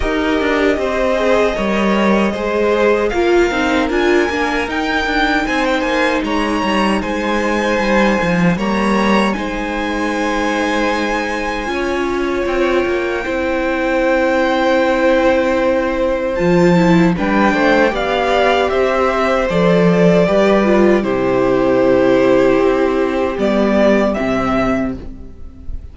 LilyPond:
<<
  \new Staff \with { instrumentName = "violin" } { \time 4/4 \tempo 4 = 77 dis''1 | f''4 gis''4 g''4 gis''16 g''16 gis''8 | ais''4 gis''2 ais''4 | gis''1 |
g''1~ | g''4 a''4 g''4 f''4 | e''4 d''2 c''4~ | c''2 d''4 e''4 | }
  \new Staff \with { instrumentName = "violin" } { \time 4/4 ais'4 c''4 cis''4 c''4 | ais'2. c''4 | cis''4 c''2 cis''4 | c''2. cis''4~ |
cis''4 c''2.~ | c''2 b'8 c''8 d''4 | c''2 b'4 g'4~ | g'1 | }
  \new Staff \with { instrumentName = "viola" } { \time 4/4 g'4. gis'8 ais'4 gis'4 | f'8 dis'8 f'8 d'8 dis'2~ | dis'2. ais4 | dis'2. f'4~ |
f'4 e'2.~ | e'4 f'8 e'8 d'4 g'4~ | g'4 a'4 g'8 f'8 e'4~ | e'2 b4 c'4 | }
  \new Staff \with { instrumentName = "cello" } { \time 4/4 dis'8 d'8 c'4 g4 gis4 | ais8 c'8 d'8 ais8 dis'8 d'8 c'8 ais8 | gis8 g8 gis4 g8 f8 g4 | gis2. cis'4 |
c'8 ais8 c'2.~ | c'4 f4 g8 a8 b4 | c'4 f4 g4 c4~ | c4 c'4 g4 c4 | }
>>